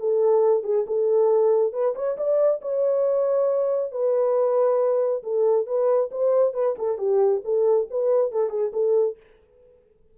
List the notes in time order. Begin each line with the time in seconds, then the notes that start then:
0.00 A4
0.64 G#4
0.87 A4
1.73 B4
1.95 C#5
2.17 D5
2.62 C#5
3.92 B4
5.23 A4
5.67 B4
6.12 C5
6.54 B4
6.78 A4
6.98 G4
7.45 A4
7.91 B4
8.32 A4
8.50 G#4
8.73 A4